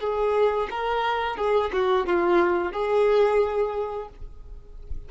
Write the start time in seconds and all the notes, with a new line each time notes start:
0.00 G#4
0.71 A#4
1.37 G#4
1.73 F#4
2.06 F4
2.73 G#4